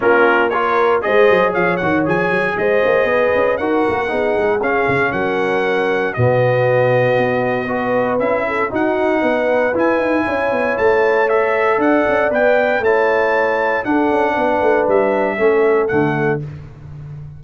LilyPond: <<
  \new Staff \with { instrumentName = "trumpet" } { \time 4/4 \tempo 4 = 117 ais'4 cis''4 dis''4 f''8 fis''8 | gis''4 dis''2 fis''4~ | fis''4 f''4 fis''2 | dis''1 |
e''4 fis''2 gis''4~ | gis''4 a''4 e''4 fis''4 | g''4 a''2 fis''4~ | fis''4 e''2 fis''4 | }
  \new Staff \with { instrumentName = "horn" } { \time 4/4 f'4 ais'4 c''4 cis''4~ | cis''4 c''4 b'4 ais'4 | gis'2 ais'2 | fis'2. b'4~ |
b'8 a'8 fis'4 b'2 | cis''2. d''4~ | d''4 cis''2 a'4 | b'2 a'2 | }
  \new Staff \with { instrumentName = "trombone" } { \time 4/4 cis'4 f'4 gis'4. fis'8 | gis'2. fis'4 | dis'4 cis'2. | b2. fis'4 |
e'4 dis'2 e'4~ | e'2 a'2 | b'4 e'2 d'4~ | d'2 cis'4 a4 | }
  \new Staff \with { instrumentName = "tuba" } { \time 4/4 ais2 gis8 fis8 f8 dis8 | f8 fis8 gis8 ais8 b8 cis'8 dis'8 ais8 | b8 gis8 cis'8 cis8 fis2 | b,2 b2 |
cis'4 dis'4 b4 e'8 dis'8 | cis'8 b8 a2 d'8 cis'8 | b4 a2 d'8 cis'8 | b8 a8 g4 a4 d4 | }
>>